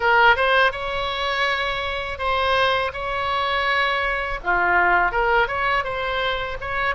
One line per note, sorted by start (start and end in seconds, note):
0.00 0.36 A#4
0.36 0.72 C5
0.72 2.18 C#5
2.18 2.91 C5
2.93 4.39 C#5
4.43 5.11 F4
5.11 5.47 A#4
5.47 5.84 C#5
5.84 6.57 C5
6.61 6.95 C#5